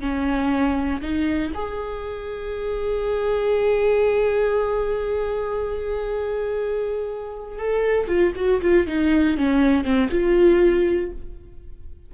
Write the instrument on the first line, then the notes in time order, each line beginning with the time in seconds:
viola
0.00 C#4
1.02 D#4
1.54 G#4
7.58 A4
8.07 F4
8.35 F#4
8.61 F4
8.87 D#4
9.37 C#4
9.84 C4
10.10 F4